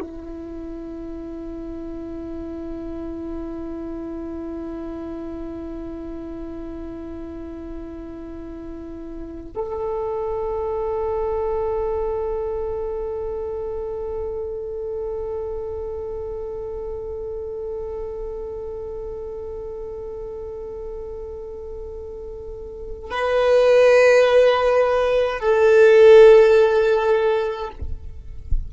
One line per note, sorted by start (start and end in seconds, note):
0.00 9.52 E4
9.55 23.10 A4
23.10 25.40 B4
25.40 27.70 A4